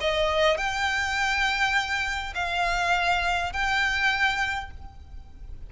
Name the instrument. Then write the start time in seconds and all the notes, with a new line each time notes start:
violin
0.00 D#5
0.57 G5
2.35 F5
3.52 G5